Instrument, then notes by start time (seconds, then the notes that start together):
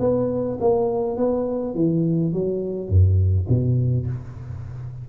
tuba
0.00 B3
0.61 A#3
1.17 B3
1.75 E3
2.33 F#3
2.89 F#2
3.49 B2